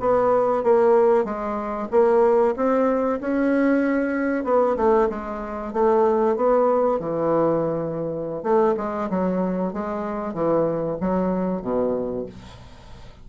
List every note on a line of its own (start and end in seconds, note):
0.00 0.64 B3
0.64 1.25 A#3
1.25 1.89 G#3
1.91 2.55 A#3
2.56 3.20 C4
3.21 4.44 C#4
4.44 4.76 B3
4.77 5.09 A3
5.09 5.73 G#3
5.73 6.37 A3
6.37 7.00 B3
7.00 8.43 E3
8.43 8.75 A3
8.77 9.09 G#3
9.10 9.73 F#3
9.73 10.34 G#3
10.34 10.98 E3
11.01 11.62 F#3
11.62 12.26 B2